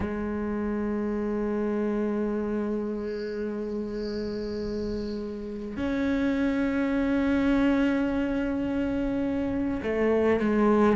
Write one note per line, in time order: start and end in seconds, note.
0.00 5.76 G#3
5.76 9.80 C#4
9.82 10.40 A3
10.40 10.96 G#3